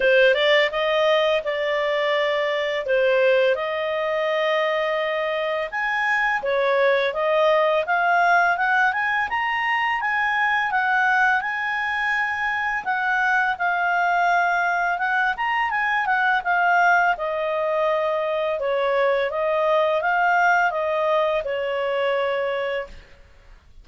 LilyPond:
\new Staff \with { instrumentName = "clarinet" } { \time 4/4 \tempo 4 = 84 c''8 d''8 dis''4 d''2 | c''4 dis''2. | gis''4 cis''4 dis''4 f''4 | fis''8 gis''8 ais''4 gis''4 fis''4 |
gis''2 fis''4 f''4~ | f''4 fis''8 ais''8 gis''8 fis''8 f''4 | dis''2 cis''4 dis''4 | f''4 dis''4 cis''2 | }